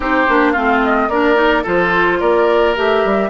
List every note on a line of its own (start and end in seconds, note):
0.00 0.26 C4
0.00 0.26 D#4
0.00 0.52 G4
0.00 0.52 C5
0.28 0.56 A#3
0.28 0.55 D4
0.52 1.08 A3
0.52 1.10 C4
0.52 1.07 F4
0.52 0.79 F5
0.84 1.09 D#5
1.08 1.63 A#3
1.08 1.35 D4
1.08 1.63 A#4
1.08 1.64 D5
1.35 1.62 D#4
1.63 2.21 F3
1.63 2.75 F4
1.63 2.18 A4
1.63 2.20 C5
2.19 2.76 A#3
2.19 3.29 A#4
2.19 2.75 D5
2.75 3.05 A3
2.75 3.29 G4
2.75 3.29 E5
3.05 3.29 G3